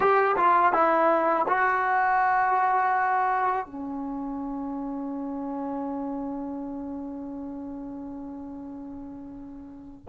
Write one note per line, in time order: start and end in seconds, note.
0.00 0.36 G4
0.36 0.73 F4
0.73 1.46 E4
1.48 3.66 F#4
3.66 10.06 C#4